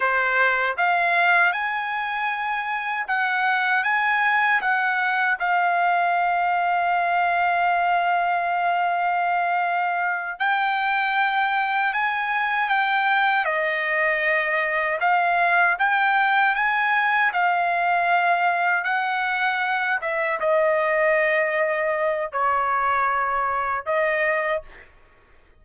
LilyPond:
\new Staff \with { instrumentName = "trumpet" } { \time 4/4 \tempo 4 = 78 c''4 f''4 gis''2 | fis''4 gis''4 fis''4 f''4~ | f''1~ | f''4. g''2 gis''8~ |
gis''8 g''4 dis''2 f''8~ | f''8 g''4 gis''4 f''4.~ | f''8 fis''4. e''8 dis''4.~ | dis''4 cis''2 dis''4 | }